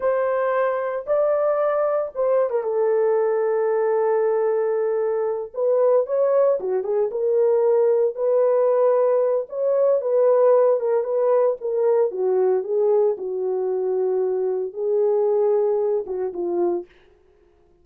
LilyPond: \new Staff \with { instrumentName = "horn" } { \time 4/4 \tempo 4 = 114 c''2 d''2 | c''8. ais'16 a'2.~ | a'2~ a'8 b'4 cis''8~ | cis''8 fis'8 gis'8 ais'2 b'8~ |
b'2 cis''4 b'4~ | b'8 ais'8 b'4 ais'4 fis'4 | gis'4 fis'2. | gis'2~ gis'8 fis'8 f'4 | }